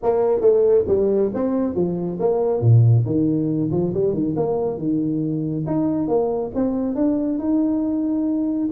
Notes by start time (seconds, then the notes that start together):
0.02 A#3
0.40 A3
0.87 G3
1.34 C4
1.74 F3
2.19 A#3
2.61 A#2
3.05 D#3
3.71 F3
3.94 G3
4.13 D#3
4.36 A#3
4.77 D#3
5.66 D#4
6.08 A#3
6.54 C4
6.95 D4
7.39 D#4